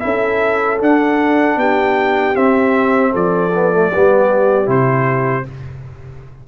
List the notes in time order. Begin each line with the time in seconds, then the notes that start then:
0.00 C#4 E4 A4 E5
0.79 D4 F#5
1.57 B3 G4 G5
2.35 C4 E5
3.12 F3 A4 D5
3.55 B3
3.73 A3
3.90 G3 B3 G4
4.66 C3 E4 C5